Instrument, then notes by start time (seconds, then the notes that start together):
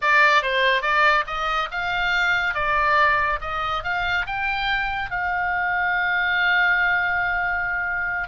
oboe
0.01 D5
0.42 C5
0.82 D5
1.26 D#5
1.71 F5
2.54 D5
3.40 D#5
3.83 F5
4.26 G5
5.10 F5